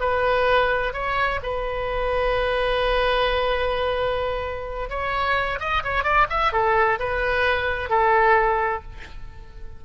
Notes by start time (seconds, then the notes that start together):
0.00 B4
0.93 C#5
1.43 B4
4.89 C#5
5.59 D#5
5.84 C#5
6.04 D5
6.30 E5
6.52 A4
6.99 B4
7.90 A4